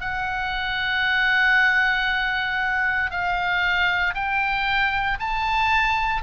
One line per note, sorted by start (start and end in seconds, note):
0.00 3.10 F#5
3.10 4.14 F5
4.14 5.18 G5
5.20 6.22 A5